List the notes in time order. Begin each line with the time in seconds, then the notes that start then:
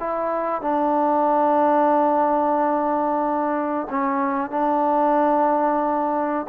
0.00 E4
0.62 D4
3.90 C#4
4.51 D4